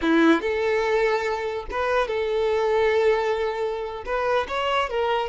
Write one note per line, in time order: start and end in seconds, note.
0.01 0.41 E4
0.41 1.65 A4
1.70 2.07 B4
2.07 4.04 A4
4.05 4.47 B4
4.48 4.89 C#5
4.89 5.29 A#4